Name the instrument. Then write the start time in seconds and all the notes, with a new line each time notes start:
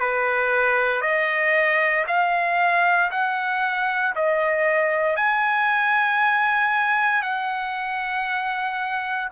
trumpet
0.00 B4
1.02 D#5
2.07 F5
3.11 F#5
4.16 D#5
5.16 G#5
7.22 F#5